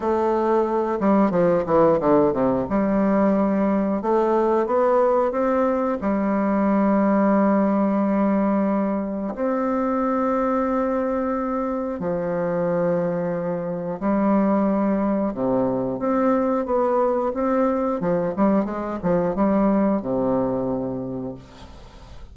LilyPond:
\new Staff \with { instrumentName = "bassoon" } { \time 4/4 \tempo 4 = 90 a4. g8 f8 e8 d8 c8 | g2 a4 b4 | c'4 g2.~ | g2 c'2~ |
c'2 f2~ | f4 g2 c4 | c'4 b4 c'4 f8 g8 | gis8 f8 g4 c2 | }